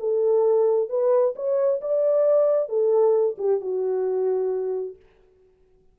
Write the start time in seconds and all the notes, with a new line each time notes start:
0.00 A4
0.89 B4
1.36 C#5
1.81 D5
2.69 A4
3.38 G4
3.61 F#4